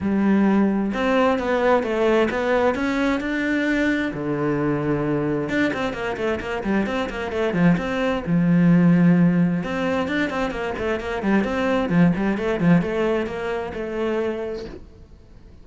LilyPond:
\new Staff \with { instrumentName = "cello" } { \time 4/4 \tempo 4 = 131 g2 c'4 b4 | a4 b4 cis'4 d'4~ | d'4 d2. | d'8 c'8 ais8 a8 ais8 g8 c'8 ais8 |
a8 f8 c'4 f2~ | f4 c'4 d'8 c'8 ais8 a8 | ais8 g8 c'4 f8 g8 a8 f8 | a4 ais4 a2 | }